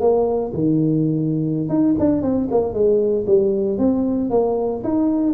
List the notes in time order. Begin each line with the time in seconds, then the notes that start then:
0.00 A#3
0.54 D#3
1.69 D#4
1.99 D4
2.22 C4
2.51 A#3
2.73 G#3
3.27 G3
3.78 C4
4.30 A#3
4.84 D#4